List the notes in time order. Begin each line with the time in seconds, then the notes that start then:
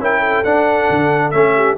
0.00 C#4 E4 A#4 G5
0.20 A4
0.44 D4 F#5
0.90 D3
1.31 A3 C#4 E5
1.55 G4